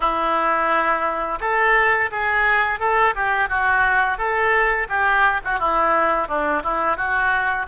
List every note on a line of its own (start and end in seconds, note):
0.00 1.39 E4
1.40 2.10 A4
2.11 2.79 G#4
2.79 3.14 A4
3.15 3.49 G4
3.49 4.17 F#4
4.17 4.87 A4
4.88 5.41 G4
5.44 5.59 F#4
5.59 6.28 E4
6.28 6.62 D4
6.63 6.96 E4
6.96 7.66 F#4